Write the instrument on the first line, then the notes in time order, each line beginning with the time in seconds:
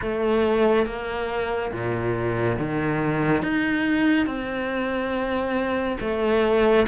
cello
0.01 A3
0.86 A#3
1.72 A#2
2.59 D#3
3.42 D#4
4.26 C4
6.00 A3